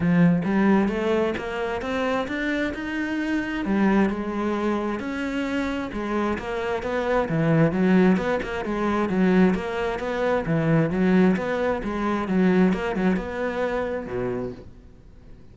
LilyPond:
\new Staff \with { instrumentName = "cello" } { \time 4/4 \tempo 4 = 132 f4 g4 a4 ais4 | c'4 d'4 dis'2 | g4 gis2 cis'4~ | cis'4 gis4 ais4 b4 |
e4 fis4 b8 ais8 gis4 | fis4 ais4 b4 e4 | fis4 b4 gis4 fis4 | ais8 fis8 b2 b,4 | }